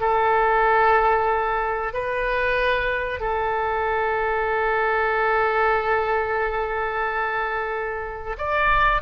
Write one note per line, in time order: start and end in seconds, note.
0.00 1.93 A4
1.93 3.20 B4
3.20 8.36 A4
8.38 9.02 D5